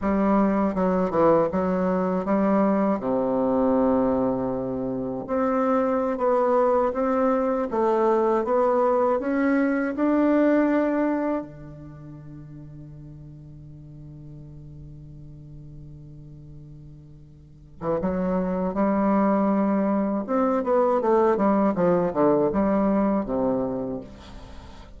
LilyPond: \new Staff \with { instrumentName = "bassoon" } { \time 4/4 \tempo 4 = 80 g4 fis8 e8 fis4 g4 | c2. c'4~ | c'16 b4 c'4 a4 b8.~ | b16 cis'4 d'2 d8.~ |
d1~ | d2.~ d8. e16 | fis4 g2 c'8 b8 | a8 g8 f8 d8 g4 c4 | }